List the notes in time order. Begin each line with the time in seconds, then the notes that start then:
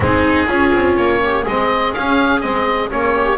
0.00 G#3 C4 D#4 G#4
0.47 C#4 F4
0.72 C4
0.96 A#3 C#5
1.24 G4
1.42 G#3 G#4 D#5
1.49 C4
1.93 C#4 F5
2.40 G#3 C4 D#5
2.89 A#3 C#4 C#5
3.14 G4